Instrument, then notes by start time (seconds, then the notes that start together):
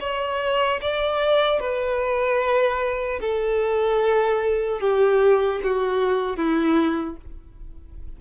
violin
0.00 C#5
0.81 D5
1.60 B4
3.21 A4
4.80 G4
5.63 F#4
6.36 E4